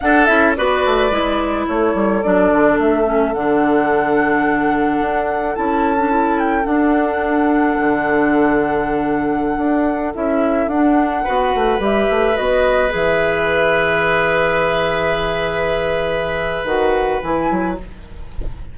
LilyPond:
<<
  \new Staff \with { instrumentName = "flute" } { \time 4/4 \tempo 4 = 108 fis''8 e''8 d''2 cis''4 | d''4 e''4 fis''2~ | fis''2 a''4. g''8 | fis''1~ |
fis''2~ fis''16 e''4 fis''8.~ | fis''4~ fis''16 e''4 dis''4 e''8.~ | e''1~ | e''2 fis''4 gis''4 | }
  \new Staff \with { instrumentName = "oboe" } { \time 4/4 a'4 b'2 a'4~ | a'1~ | a'1~ | a'1~ |
a'1~ | a'16 b'2.~ b'8.~ | b'1~ | b'1 | }
  \new Staff \with { instrumentName = "clarinet" } { \time 4/4 d'8 e'8 fis'4 e'2 | d'4. cis'8 d'2~ | d'2 e'8. d'16 e'4 | d'1~ |
d'2~ d'16 e'4 d'8.~ | d'16 fis'4 g'4 fis'4 gis'8.~ | gis'1~ | gis'2 fis'4 e'4 | }
  \new Staff \with { instrumentName = "bassoon" } { \time 4/4 d'8 cis'8 b8 a8 gis4 a8 g8 | fis8 d8 a4 d2~ | d4 d'4 cis'2 | d'2 d2~ |
d4~ d16 d'4 cis'4 d'8.~ | d'16 b8 a8 g8 a8 b4 e8.~ | e1~ | e2 dis4 e8 fis8 | }
>>